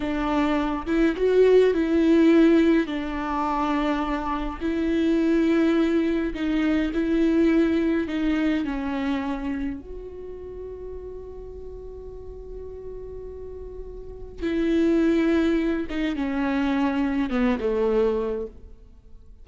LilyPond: \new Staff \with { instrumentName = "viola" } { \time 4/4 \tempo 4 = 104 d'4. e'8 fis'4 e'4~ | e'4 d'2. | e'2. dis'4 | e'2 dis'4 cis'4~ |
cis'4 fis'2.~ | fis'1~ | fis'4 e'2~ e'8 dis'8 | cis'2 b8 a4. | }